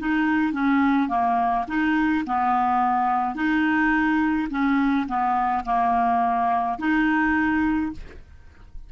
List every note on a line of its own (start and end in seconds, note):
0.00 0.53 D#4
0.53 1.09 C#4
1.09 1.66 A#3
1.68 2.25 D#4
2.27 3.36 B3
3.36 4.49 D#4
4.51 5.07 C#4
5.08 5.64 B3
5.66 6.79 A#3
6.79 7.92 D#4